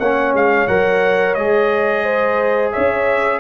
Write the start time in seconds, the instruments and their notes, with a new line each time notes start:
0.00 tuba A#3, trombone C#4, horn C#5, trumpet F#5
0.34 tuba G#3, trumpet F5
0.68 tuba F#3, trombone A#4, trumpet F#5
1.35 tuba G#3, trombone G#4, trumpet D#5
2.04 horn C5
2.73 tuba C#4, horn C#5, trumpet E5